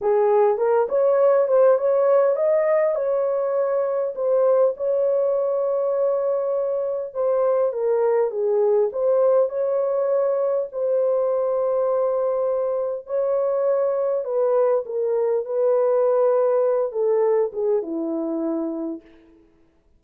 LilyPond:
\new Staff \with { instrumentName = "horn" } { \time 4/4 \tempo 4 = 101 gis'4 ais'8 cis''4 c''8 cis''4 | dis''4 cis''2 c''4 | cis''1 | c''4 ais'4 gis'4 c''4 |
cis''2 c''2~ | c''2 cis''2 | b'4 ais'4 b'2~ | b'8 a'4 gis'8 e'2 | }